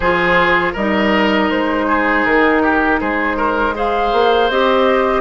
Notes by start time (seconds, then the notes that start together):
0.00 F3 F4 G#4 C5
0.73 G3 D#4 A#4 D#5
1.50 G#3 C5
1.88 G#4
2.24 D#3 A#4
2.62 G4
3.00 G#3 G#4 C5
3.37 A#4
3.75 G#4 C5 F5
4.12 A#3
4.50 C4 G4 D#5